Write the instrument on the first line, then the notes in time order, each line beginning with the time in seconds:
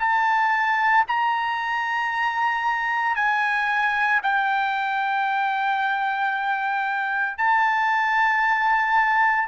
trumpet
0.00 A5
1.08 A#5
3.16 G#5
4.23 G5
7.38 A5